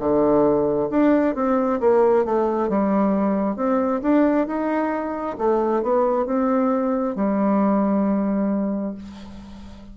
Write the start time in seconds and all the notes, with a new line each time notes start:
0.00 D3
0.91 D4
1.36 C4
1.81 A#3
2.26 A3
2.69 G3
3.57 C4
4.03 D4
4.48 D#4
5.39 A3
5.83 B3
6.26 C4
7.16 G3